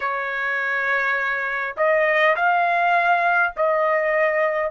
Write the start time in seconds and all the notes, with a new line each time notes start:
0.00 C#5
1.76 D#5
2.35 F5
3.56 D#5